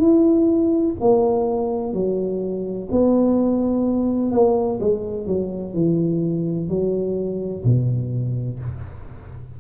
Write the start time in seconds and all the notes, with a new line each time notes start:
0.00 E4
1.00 A#3
1.94 F#3
2.91 B3
4.32 A#3
4.80 G#3
5.27 F#3
5.74 E3
6.69 F#3
7.65 B2